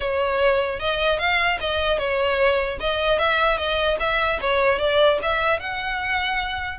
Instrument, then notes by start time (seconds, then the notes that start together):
violin
0.00 C#5
0.79 D#5
1.19 F5
1.60 D#5
1.98 C#5
2.79 D#5
3.19 E5
3.57 D#5
3.99 E5
4.41 C#5
4.79 D5
5.22 E5
5.59 F#5